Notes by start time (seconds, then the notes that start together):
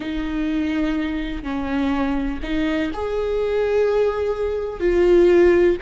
0.00 D#4
1.43 C#4
2.42 D#4
2.93 G#4
4.80 F4